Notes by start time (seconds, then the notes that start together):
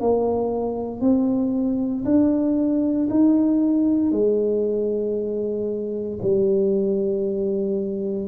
0.00 A#3
1.01 C4
2.05 D4
3.10 D#4
4.11 G#3
6.22 G3